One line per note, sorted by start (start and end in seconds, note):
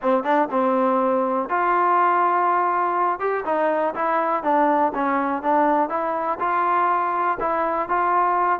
0.02 0.23 C4
0.23 0.48 D4
0.51 1.49 C4
1.49 3.19 F4
3.19 3.44 G4
3.45 3.94 D#4
3.94 4.43 E4
4.43 4.92 D4
4.94 5.42 C#4
5.42 5.89 D4
5.89 6.38 E4
6.39 7.38 F4
7.39 7.88 E4
7.88 8.59 F4